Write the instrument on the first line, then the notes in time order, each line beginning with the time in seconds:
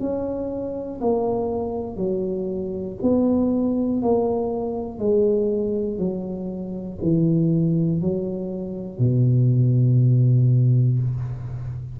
tuba
0.00 C#4
1.00 A#3
1.96 F#3
3.01 B3
4.02 A#3
4.98 G#3
5.98 F#3
7.02 E3
8.01 F#3
8.98 B2